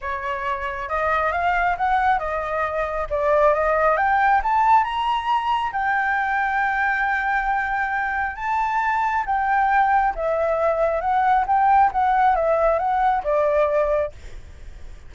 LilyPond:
\new Staff \with { instrumentName = "flute" } { \time 4/4 \tempo 4 = 136 cis''2 dis''4 f''4 | fis''4 dis''2 d''4 | dis''4 g''4 a''4 ais''4~ | ais''4 g''2.~ |
g''2. a''4~ | a''4 g''2 e''4~ | e''4 fis''4 g''4 fis''4 | e''4 fis''4 d''2 | }